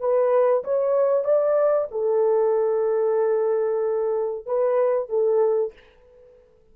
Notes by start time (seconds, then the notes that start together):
0.00 B4
0.64 C#5
1.24 D5
1.91 A4
4.46 B4
5.09 A4